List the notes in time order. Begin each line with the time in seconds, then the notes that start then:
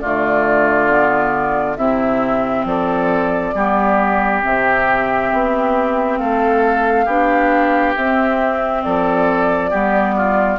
0.00 D3 A3 F4 D5
0.88 B3
1.76 C3 C4 E4 E5
2.64 F3 A4 D5
3.54 G3 B3 G4
4.42 C3 C4 E5
5.32 B3
6.17 A3 A4 F5
7.05 B3 D4 G4
7.95 C4 E5
8.83 F3 A4 D5
9.70 G3 B3 G4
10.16 F4